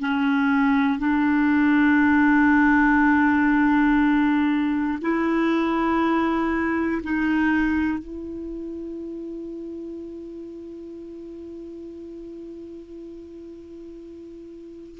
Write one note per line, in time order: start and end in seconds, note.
0.00 0.99 C#4
0.99 4.99 D4
5.01 7.01 E4
7.03 7.98 D#4
7.98 14.98 E4